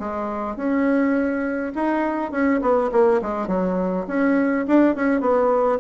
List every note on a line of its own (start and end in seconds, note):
0.00 0.57 G#3
0.57 1.73 C#4
1.76 2.32 D#4
2.32 2.61 C#4
2.62 2.91 B3
2.92 3.21 A#3
3.22 3.48 G#3
3.48 4.06 F#3
4.08 4.66 C#4
4.68 4.96 D4
4.96 5.21 C#4
5.21 5.79 B3